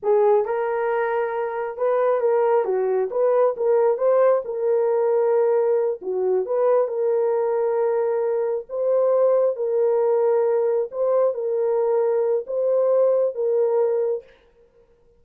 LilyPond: \new Staff \with { instrumentName = "horn" } { \time 4/4 \tempo 4 = 135 gis'4 ais'2. | b'4 ais'4 fis'4 b'4 | ais'4 c''4 ais'2~ | ais'4. fis'4 b'4 ais'8~ |
ais'2.~ ais'8 c''8~ | c''4. ais'2~ ais'8~ | ais'8 c''4 ais'2~ ais'8 | c''2 ais'2 | }